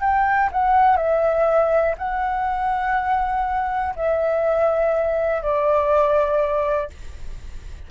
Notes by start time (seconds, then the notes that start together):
0.00 G5
0.51 F#5
0.96 E5
1.97 F#5
3.95 E5
5.42 D5